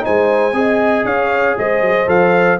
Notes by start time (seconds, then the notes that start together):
0.00 D#4 C5 G#5
0.07 G#3
0.52 C4 G#4 D#5
1.04 C#4 C#5 F5
1.58 G#3 C5 D#5
1.81 F#3
2.06 F3 A4 F5